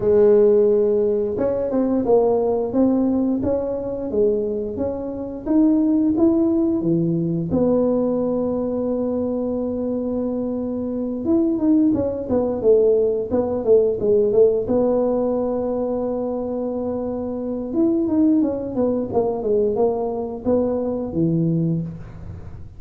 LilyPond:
\new Staff \with { instrumentName = "tuba" } { \time 4/4 \tempo 4 = 88 gis2 cis'8 c'8 ais4 | c'4 cis'4 gis4 cis'4 | dis'4 e'4 e4 b4~ | b1~ |
b8 e'8 dis'8 cis'8 b8 a4 b8 | a8 gis8 a8 b2~ b8~ | b2 e'8 dis'8 cis'8 b8 | ais8 gis8 ais4 b4 e4 | }